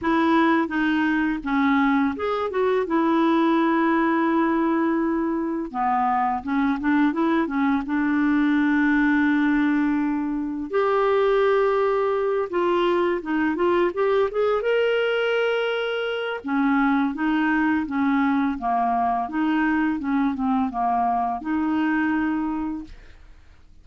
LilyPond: \new Staff \with { instrumentName = "clarinet" } { \time 4/4 \tempo 4 = 84 e'4 dis'4 cis'4 gis'8 fis'8 | e'1 | b4 cis'8 d'8 e'8 cis'8 d'4~ | d'2. g'4~ |
g'4. f'4 dis'8 f'8 g'8 | gis'8 ais'2~ ais'8 cis'4 | dis'4 cis'4 ais4 dis'4 | cis'8 c'8 ais4 dis'2 | }